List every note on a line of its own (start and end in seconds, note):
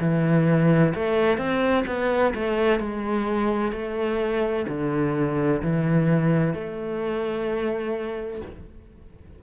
0.00 0.94 E3
0.95 1.38 A3
1.38 1.85 C4
1.87 2.34 B3
2.35 2.80 A3
2.80 3.72 G#3
3.72 4.66 A3
4.68 5.62 D3
5.62 6.54 E3
6.54 8.42 A3